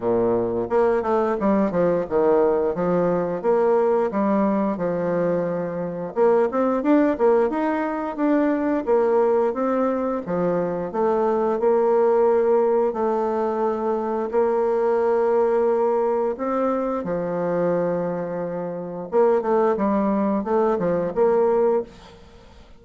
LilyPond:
\new Staff \with { instrumentName = "bassoon" } { \time 4/4 \tempo 4 = 88 ais,4 ais8 a8 g8 f8 dis4 | f4 ais4 g4 f4~ | f4 ais8 c'8 d'8 ais8 dis'4 | d'4 ais4 c'4 f4 |
a4 ais2 a4~ | a4 ais2. | c'4 f2. | ais8 a8 g4 a8 f8 ais4 | }